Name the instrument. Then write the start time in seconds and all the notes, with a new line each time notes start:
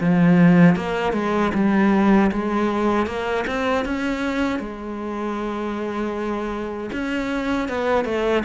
cello
0.00 F3
0.76 A#3
1.13 G#3
1.54 G3
2.32 G#3
3.07 A#3
3.47 C4
3.85 C#4
4.59 G#3
6.93 C#4
7.69 B3
8.05 A3